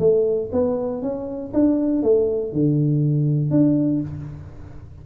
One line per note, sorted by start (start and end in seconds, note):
0.00 0.50 A3
0.52 1.03 B3
1.03 1.53 C#4
1.54 2.03 D4
2.03 2.53 A3
2.53 3.51 D3
3.51 4.01 D4